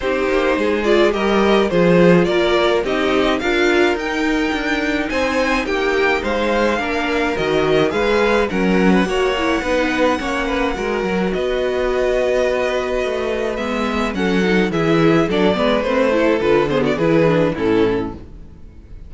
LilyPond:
<<
  \new Staff \with { instrumentName = "violin" } { \time 4/4 \tempo 4 = 106 c''4. d''8 dis''4 c''4 | d''4 dis''4 f''4 g''4~ | g''4 gis''4 g''4 f''4~ | f''4 dis''4 f''4 fis''4~ |
fis''1 | dis''1 | e''4 fis''4 e''4 d''4 | c''4 b'8 c''16 d''16 b'4 a'4 | }
  \new Staff \with { instrumentName = "violin" } { \time 4/4 g'4 gis'4 ais'4 gis'4 | ais'4 g'4 ais'2~ | ais'4 c''4 g'4 c''4 | ais'2 b'4 ais'8. b'16 |
cis''4 b'4 cis''8 b'8 ais'4 | b'1~ | b'4 a'4 gis'4 a'8 b'8~ | b'8 a'4 gis'16 fis'16 gis'4 e'4 | }
  \new Staff \with { instrumentName = "viola" } { \time 4/4 dis'4. f'8 g'4 f'4~ | f'4 dis'4 f'4 dis'4~ | dis'1 | d'4 fis'4 gis'4 cis'4 |
fis'8 e'8 dis'4 cis'4 fis'4~ | fis'1 | b4 cis'8 dis'8 e'4 d'8 b8 | c'8 e'8 f'8 b8 e'8 d'8 cis'4 | }
  \new Staff \with { instrumentName = "cello" } { \time 4/4 c'8 ais8 gis4 g4 f4 | ais4 c'4 d'4 dis'4 | d'4 c'4 ais4 gis4 | ais4 dis4 gis4 fis4 |
ais4 b4 ais4 gis8 fis8 | b2. a4 | gis4 fis4 e4 fis8 gis8 | a4 d4 e4 a,4 | }
>>